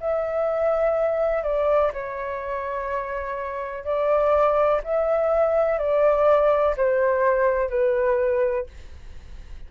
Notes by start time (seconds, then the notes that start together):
0.00 E5
1.43 D5
1.93 C#5
3.84 D5
4.83 E5
5.78 D5
6.77 C5
7.69 B4